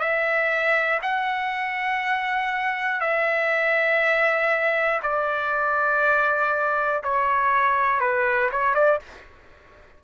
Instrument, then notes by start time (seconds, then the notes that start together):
trumpet
0.00 E5
1.02 F#5
3.00 E5
5.02 D5
7.04 C#5
8.00 B4
8.51 C#5
8.75 D5